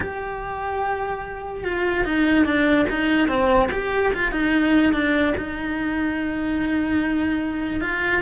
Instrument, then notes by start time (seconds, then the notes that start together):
cello
0.00 G4
1.63 F4
2.04 D#4
2.45 D4
2.89 D#4
3.28 C4
3.71 G4
4.13 F4
4.31 D#4
4.92 D4
5.37 D#4
7.80 F4